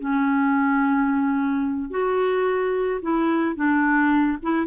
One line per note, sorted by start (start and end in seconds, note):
0.00 1.91 C#4
1.91 3.01 F#4
3.02 3.56 E4
3.56 4.38 D4
4.43 4.67 E4